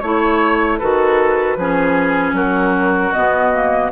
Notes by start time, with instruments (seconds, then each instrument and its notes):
0.00 bassoon A3, clarinet E4, flute C#5, oboe C#5
0.78 bassoon D#3, clarinet F#4, oboe A4, flute B4
1.57 bassoon F3, clarinet C#4, oboe G#4
2.33 bassoon F#3, oboe F#4, flute A#4
3.13 bassoon B2, clarinet B3, flute D#5
3.53 clarinet A#3